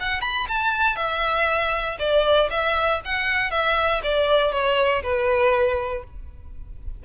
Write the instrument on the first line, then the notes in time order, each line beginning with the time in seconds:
violin
0.00 F#5
0.21 B5
0.49 A5
0.96 E5
1.99 D5
2.50 E5
3.05 F#5
3.51 E5
4.03 D5
4.52 C#5
5.03 B4